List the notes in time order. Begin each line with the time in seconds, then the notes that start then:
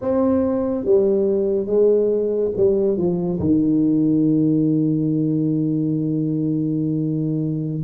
0.01 C4
0.85 G3
1.66 G#3
2.56 G3
2.97 F3
3.39 D#3